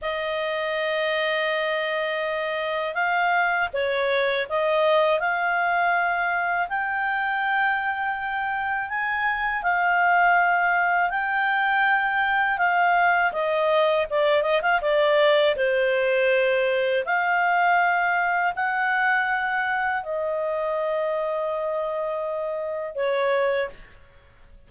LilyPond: \new Staff \with { instrumentName = "clarinet" } { \time 4/4 \tempo 4 = 81 dis''1 | f''4 cis''4 dis''4 f''4~ | f''4 g''2. | gis''4 f''2 g''4~ |
g''4 f''4 dis''4 d''8 dis''16 f''16 | d''4 c''2 f''4~ | f''4 fis''2 dis''4~ | dis''2. cis''4 | }